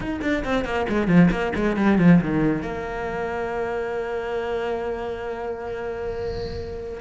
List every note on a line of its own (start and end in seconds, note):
0.00 0.20 D#4
0.21 0.43 D4
0.44 0.64 C4
0.64 0.86 A#3
0.88 1.07 G#3
1.07 1.29 F3
1.30 1.52 A#3
1.55 1.76 G#3
1.76 1.98 G3
1.98 2.20 F3
2.21 2.62 D#3
2.62 7.00 A#3